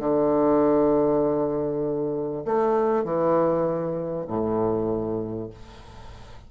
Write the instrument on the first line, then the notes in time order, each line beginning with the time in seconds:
bassoon
0.00 D3
2.45 A3
3.04 E3
4.28 A2